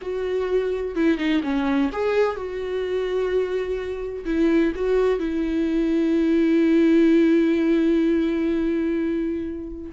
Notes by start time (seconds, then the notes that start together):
0.01 F#4
0.95 E4
1.17 D#4
1.43 C#4
1.92 G#4
2.35 F#4
4.25 E4
4.75 F#4
5.19 E4